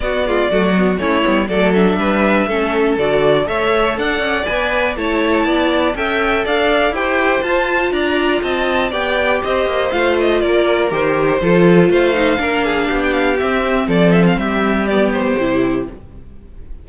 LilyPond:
<<
  \new Staff \with { instrumentName = "violin" } { \time 4/4 \tempo 4 = 121 d''2 cis''4 d''8 e''8~ | e''2 d''4 e''4 | fis''4 gis''4 a''2 | g''4 f''4 g''4 a''4 |
ais''4 a''4 g''4 dis''4 | f''8 dis''8 d''4 c''2 | f''2~ f''16 g''16 f''8 e''4 | d''8 e''16 f''16 e''4 d''8 c''4. | }
  \new Staff \with { instrumentName = "violin" } { \time 4/4 fis'8 f'8 fis'4 e'4 a'4 | b'4 a'2 cis''4 | d''2 cis''4 d''4 | e''4 d''4 c''2 |
d''4 dis''4 d''4 c''4~ | c''4 ais'2 a'4 | c''4 ais'8 gis'8 g'2 | a'4 g'2. | }
  \new Staff \with { instrumentName = "viola" } { \time 4/4 b8 gis8 a8 b8 cis'8 b8 a8 d'8~ | d'4 cis'4 fis'4 a'4~ | a'4 b'4 e'2 | a'2 g'4 f'4~ |
f'2 g'2 | f'2 g'4 f'4~ | f'8 dis'8 d'2 c'4~ | c'2 b4 e'4 | }
  \new Staff \with { instrumentName = "cello" } { \time 4/4 b4 fis4 a8 g8 fis4 | g4 a4 d4 a4 | d'8 cis'8 b4 a4 b4 | cis'4 d'4 e'4 f'4 |
d'4 c'4 b4 c'8 ais8 | a4 ais4 dis4 f4 | a4 ais4 b4 c'4 | f4 g2 c4 | }
>>